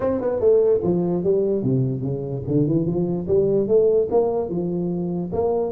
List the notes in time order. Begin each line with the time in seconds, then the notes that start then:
0.00 C4
0.20 B3
0.40 A3
0.83 F3
1.23 G3
1.63 C3
2.01 C#3
2.47 D3
2.66 E3
2.86 F3
3.27 G3
3.67 A3
4.11 A#3
4.49 F3
5.32 A#3